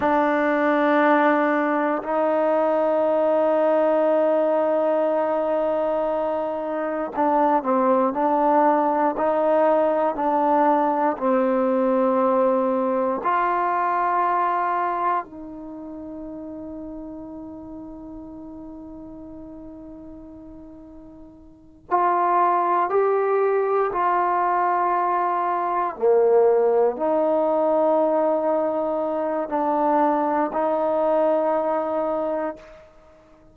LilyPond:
\new Staff \with { instrumentName = "trombone" } { \time 4/4 \tempo 4 = 59 d'2 dis'2~ | dis'2. d'8 c'8 | d'4 dis'4 d'4 c'4~ | c'4 f'2 dis'4~ |
dis'1~ | dis'4. f'4 g'4 f'8~ | f'4. ais4 dis'4.~ | dis'4 d'4 dis'2 | }